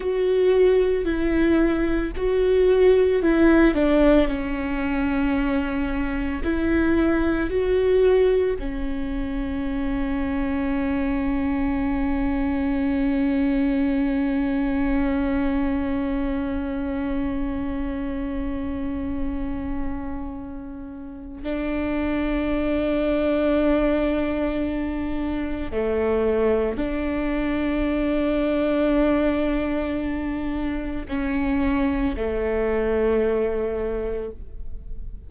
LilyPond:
\new Staff \with { instrumentName = "viola" } { \time 4/4 \tempo 4 = 56 fis'4 e'4 fis'4 e'8 d'8 | cis'2 e'4 fis'4 | cis'1~ | cis'1~ |
cis'1 | d'1 | a4 d'2.~ | d'4 cis'4 a2 | }